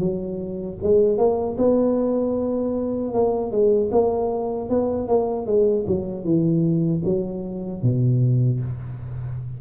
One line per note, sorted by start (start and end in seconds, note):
0.00 0.78 F#3
0.83 1.18 G#3
1.18 1.57 A#3
1.58 3.14 B3
3.14 3.52 A#3
3.52 3.91 G#3
3.92 4.70 A#3
4.70 5.08 B3
5.08 5.47 A#3
5.47 5.85 G#3
5.88 6.24 F#3
6.24 7.02 E3
7.05 7.83 F#3
7.83 8.61 B2